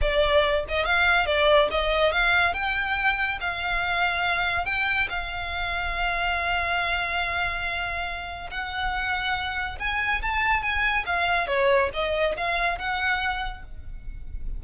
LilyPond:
\new Staff \with { instrumentName = "violin" } { \time 4/4 \tempo 4 = 141 d''4. dis''8 f''4 d''4 | dis''4 f''4 g''2 | f''2. g''4 | f''1~ |
f''1 | fis''2. gis''4 | a''4 gis''4 f''4 cis''4 | dis''4 f''4 fis''2 | }